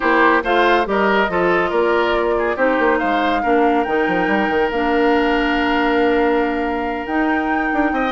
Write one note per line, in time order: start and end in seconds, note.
0.00 0.43 A#3
0.00 0.42 E4
0.00 0.43 G4
0.00 0.43 C5
0.43 0.86 A3
0.43 0.85 F4
0.43 0.86 C5
0.43 0.86 F5
0.85 1.28 G3
0.85 1.28 G4
0.85 1.30 A#4
0.85 1.71 D#5
1.28 1.71 F3
1.28 2.57 F4
1.28 1.70 A4
1.70 2.56 A#3
1.70 2.34 A#4
1.70 2.57 D5
2.38 2.56 G#4
2.56 2.77 C4
2.56 3.43 D#4
2.56 2.98 G4
2.56 2.98 C5
2.78 3.00 A#3
2.98 3.44 G#3
2.98 3.41 C5
2.98 3.83 F5
3.42 3.86 A#3
3.42 3.86 D4
3.42 7.92 A#4
3.83 4.07 D#3
3.83 4.72 D#4
3.83 4.69 G5
4.07 4.27 F3
4.27 4.48 G3
4.49 4.70 D#3
4.71 7.06 A#3
4.71 7.08 D4
4.71 7.06 F5
7.06 7.70 D#4
7.06 8.12 D#4
7.06 8.12 G5
7.73 7.91 D4
7.91 8.12 C4
7.91 8.12 D#5